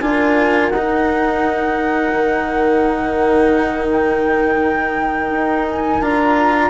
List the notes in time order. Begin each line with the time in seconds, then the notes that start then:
0.00 D4 F4 A#4 G#5
0.70 D#4 F#5
2.13 D#3
3.92 G5
5.29 D#4
5.68 G#5
6.01 D4 F4 A#5